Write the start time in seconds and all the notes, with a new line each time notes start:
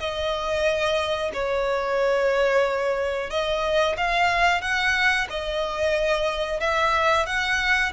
0.00 D#5
1.34 C#5
3.31 D#5
3.97 F5
4.62 F#5
5.30 D#5
6.61 E5
7.27 F#5